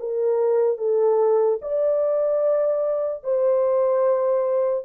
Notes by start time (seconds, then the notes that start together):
0.00 A#4
0.78 A4
1.62 D5
3.24 C5